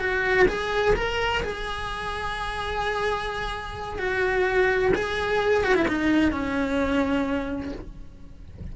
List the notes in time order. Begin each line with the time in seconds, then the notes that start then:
0.00 F#4
0.48 G#4
0.95 A#4
1.43 G#4
3.99 F#4
4.95 G#4
5.64 F#4
5.75 E4
5.88 D#4
6.32 C#4